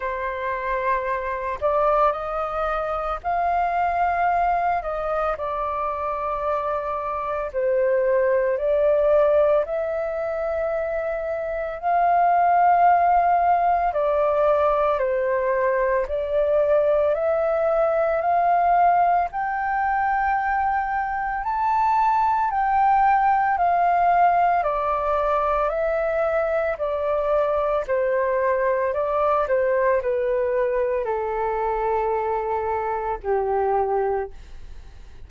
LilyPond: \new Staff \with { instrumentName = "flute" } { \time 4/4 \tempo 4 = 56 c''4. d''8 dis''4 f''4~ | f''8 dis''8 d''2 c''4 | d''4 e''2 f''4~ | f''4 d''4 c''4 d''4 |
e''4 f''4 g''2 | a''4 g''4 f''4 d''4 | e''4 d''4 c''4 d''8 c''8 | b'4 a'2 g'4 | }